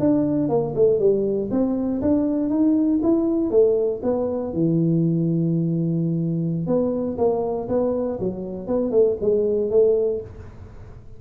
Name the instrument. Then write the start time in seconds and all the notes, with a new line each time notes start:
tuba
0.00 D4
0.49 A#3
0.75 A3
1.00 G3
1.51 C4
2.02 D4
2.50 D#4
3.03 E4
3.51 A3
4.03 B3
4.54 E3
6.67 B3
7.18 A#3
7.69 B3
8.20 F#3
8.67 B3
8.91 A3
9.21 G#3
9.71 A3